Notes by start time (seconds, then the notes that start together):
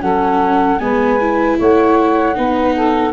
0.00 F#3 C#4 A4 F#5
0.79 G#3 B3 B4 G#5
1.21 E4
1.58 A3 C#5 F#5
2.35 B3 D#4 B4
2.74 A4